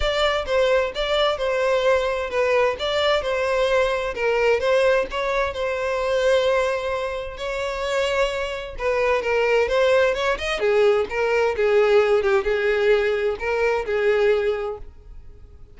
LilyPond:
\new Staff \with { instrumentName = "violin" } { \time 4/4 \tempo 4 = 130 d''4 c''4 d''4 c''4~ | c''4 b'4 d''4 c''4~ | c''4 ais'4 c''4 cis''4 | c''1 |
cis''2. b'4 | ais'4 c''4 cis''8 dis''8 gis'4 | ais'4 gis'4. g'8 gis'4~ | gis'4 ais'4 gis'2 | }